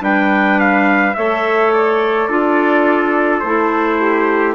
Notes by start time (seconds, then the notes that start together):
0.00 G3 D4 B4 G5
0.59 F5
1.14 A3 A4 C#5 E5
1.73 D5
2.28 D4 F4 A4
3.40 A3 E4 C5
4.01 G4